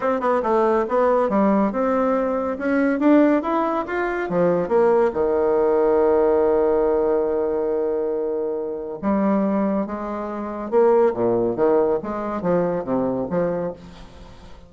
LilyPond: \new Staff \with { instrumentName = "bassoon" } { \time 4/4 \tempo 4 = 140 c'8 b8 a4 b4 g4 | c'2 cis'4 d'4 | e'4 f'4 f4 ais4 | dis1~ |
dis1~ | dis4 g2 gis4~ | gis4 ais4 ais,4 dis4 | gis4 f4 c4 f4 | }